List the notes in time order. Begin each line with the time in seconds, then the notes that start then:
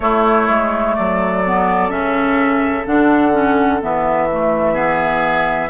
0.00 A3 E4 C#5
0.48 G#3
0.95 F#3 A4 D5
1.45 B3
1.89 C#3 C#4 E5
2.85 D3 D4 F#5
3.32 C#4
3.81 E3 B3 E5
4.30 A3
4.73 B3 G#4